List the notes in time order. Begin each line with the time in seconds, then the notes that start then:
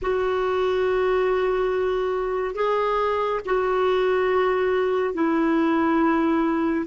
0.02 F#4
2.54 G#4
3.45 F#4
5.14 E4